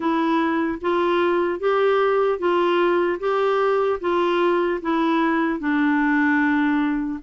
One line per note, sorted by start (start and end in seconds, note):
0.00 0.79 E4
0.81 1.59 F4
1.59 2.38 G4
2.38 3.18 F4
3.19 3.99 G4
4.00 4.80 F4
4.81 5.59 E4
5.59 7.19 D4